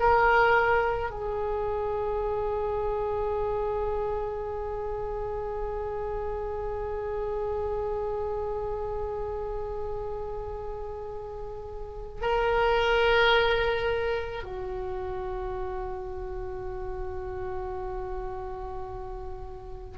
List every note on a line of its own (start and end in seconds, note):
0.00 1.11 A#4
1.11 12.22 G#4
12.22 14.44 A#4
14.44 19.98 F#4